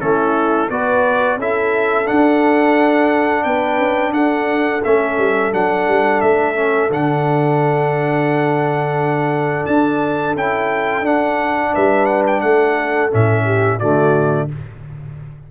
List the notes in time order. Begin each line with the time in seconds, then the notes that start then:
0.00 A3 C#4 E4 A4
0.69 B3 F#4 B4 D5
1.36 C#4 E4 A4 E5
2.05 D4 F#5
3.43 B3 B4 G5
3.78 C#4
4.11 D4 A4 F#5
4.83 A3 C#4 E5
5.18 G3
5.52 F#3 D4 F#5
5.87 G3
6.20 A3 E5
6.55 C#4
6.89 D3 D4 F#5
9.65 D4 A5
10.34 C#4 E4 G5
11.01 D4 F#5
11.73 G3 B4 E5
12.05 F#5
12.26 G5
12.41 A3 A4 F#5
13.10 A2 C#4 E5
13.44 G4
13.78 D3 A3 F#4 D5